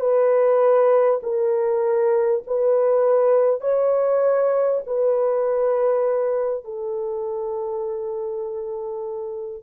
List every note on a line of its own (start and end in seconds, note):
0.00 1.20 B4
1.23 2.43 A#4
2.47 3.61 B4
3.61 4.81 C#5
4.87 6.64 B4
6.64 9.63 A4